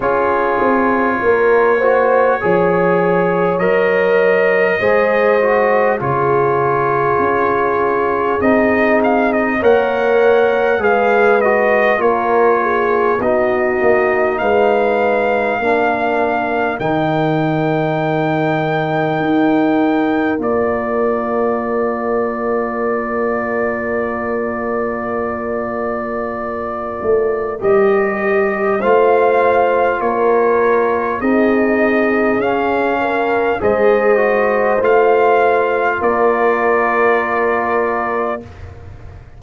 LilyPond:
<<
  \new Staff \with { instrumentName = "trumpet" } { \time 4/4 \tempo 4 = 50 cis''2. dis''4~ | dis''4 cis''2 dis''8 f''16 dis''16 | fis''4 f''8 dis''8 cis''4 dis''4 | f''2 g''2~ |
g''4 d''2.~ | d''2. dis''4 | f''4 cis''4 dis''4 f''4 | dis''4 f''4 d''2 | }
  \new Staff \with { instrumentName = "horn" } { \time 4/4 gis'4 ais'8 c''8 cis''2 | c''4 gis'2. | cis''4 b'4 ais'8 gis'8 fis'4 | b'4 ais'2.~ |
ais'1~ | ais'1 | c''4 ais'4 gis'4. ais'8 | c''2 ais'2 | }
  \new Staff \with { instrumentName = "trombone" } { \time 4/4 f'4. fis'8 gis'4 ais'4 | gis'8 fis'8 f'2 dis'4 | ais'4 gis'8 fis'8 f'4 dis'4~ | dis'4 d'4 dis'2~ |
dis'4 f'2.~ | f'2. g'4 | f'2 dis'4 cis'4 | gis'8 fis'8 f'2. | }
  \new Staff \with { instrumentName = "tuba" } { \time 4/4 cis'8 c'8 ais4 f4 fis4 | gis4 cis4 cis'4 c'4 | ais4 gis4 ais4 b8 ais8 | gis4 ais4 dis2 |
dis'4 ais2.~ | ais2~ ais8 a8 g4 | a4 ais4 c'4 cis'4 | gis4 a4 ais2 | }
>>